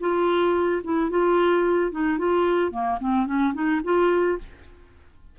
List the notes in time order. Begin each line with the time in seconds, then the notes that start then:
0.00 F4
0.84 E4
1.10 F4
1.91 D#4
2.18 F4
2.71 A#3
3.00 C4
3.26 C#4
3.54 D#4
3.84 F4